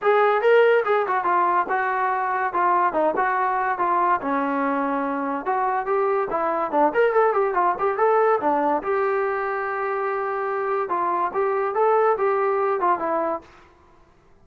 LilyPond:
\new Staff \with { instrumentName = "trombone" } { \time 4/4 \tempo 4 = 143 gis'4 ais'4 gis'8 fis'8 f'4 | fis'2 f'4 dis'8 fis'8~ | fis'4 f'4 cis'2~ | cis'4 fis'4 g'4 e'4 |
d'8 ais'8 a'8 g'8 f'8 g'8 a'4 | d'4 g'2.~ | g'2 f'4 g'4 | a'4 g'4. f'8 e'4 | }